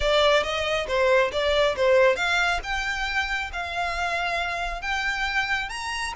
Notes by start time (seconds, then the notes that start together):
0.00 D5
0.43 D#5
0.87 C5
1.31 D5
1.76 C5
2.16 F5
2.63 G5
3.53 F5
4.81 G5
5.69 A#5